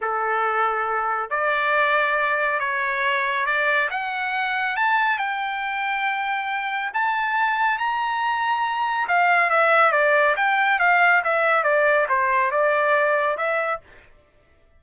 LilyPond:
\new Staff \with { instrumentName = "trumpet" } { \time 4/4 \tempo 4 = 139 a'2. d''4~ | d''2 cis''2 | d''4 fis''2 a''4 | g''1 |
a''2 ais''2~ | ais''4 f''4 e''4 d''4 | g''4 f''4 e''4 d''4 | c''4 d''2 e''4 | }